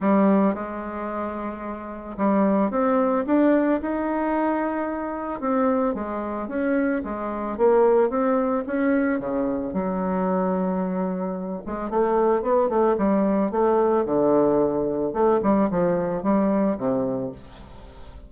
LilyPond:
\new Staff \with { instrumentName = "bassoon" } { \time 4/4 \tempo 4 = 111 g4 gis2. | g4 c'4 d'4 dis'4~ | dis'2 c'4 gis4 | cis'4 gis4 ais4 c'4 |
cis'4 cis4 fis2~ | fis4. gis8 a4 b8 a8 | g4 a4 d2 | a8 g8 f4 g4 c4 | }